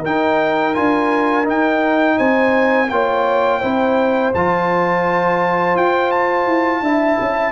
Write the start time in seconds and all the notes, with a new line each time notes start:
0.00 D#4 A#4 G5
0.74 D4 F4 G#5
1.44 D#4 G5
2.17 C4 C5 G#5
2.89 A#3 F4 C#5 G5
3.59 C4 E4 C5
4.34 F3 F4 A5
5.75 F4 G5
6.11 A5
6.46 E4
6.81 D4 E4 E5
7.20 C#4